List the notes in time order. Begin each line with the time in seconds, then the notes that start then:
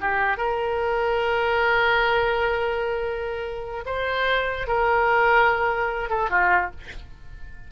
0.00 G4
0.37 A#4
3.85 C5
4.67 A#4
6.09 A4
6.29 F4